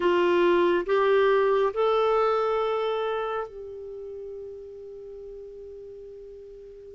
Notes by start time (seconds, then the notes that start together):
0.00 F4
0.85 G4
1.73 A4
3.47 G4